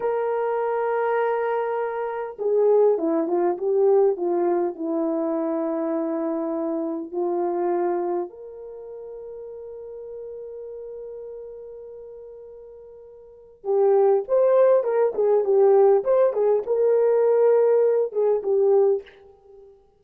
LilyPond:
\new Staff \with { instrumentName = "horn" } { \time 4/4 \tempo 4 = 101 ais'1 | gis'4 e'8 f'8 g'4 f'4 | e'1 | f'2 ais'2~ |
ais'1~ | ais'2. g'4 | c''4 ais'8 gis'8 g'4 c''8 gis'8 | ais'2~ ais'8 gis'8 g'4 | }